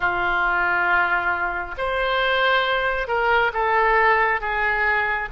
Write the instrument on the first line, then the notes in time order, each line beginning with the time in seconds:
oboe
0.00 F4
1.77 C5
3.07 A#4
3.53 A4
4.40 G#4